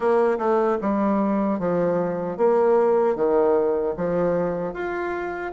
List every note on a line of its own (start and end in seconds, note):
0.00 0.38 A#3
0.38 0.78 A3
0.81 1.59 G3
1.59 2.37 F3
2.37 3.15 A#3
3.15 3.94 D#3
3.96 4.73 F3
4.73 5.52 F4